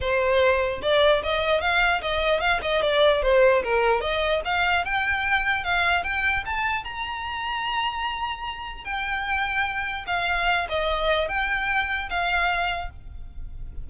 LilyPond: \new Staff \with { instrumentName = "violin" } { \time 4/4 \tempo 4 = 149 c''2 d''4 dis''4 | f''4 dis''4 f''8 dis''8 d''4 | c''4 ais'4 dis''4 f''4 | g''2 f''4 g''4 |
a''4 ais''2.~ | ais''2 g''2~ | g''4 f''4. dis''4. | g''2 f''2 | }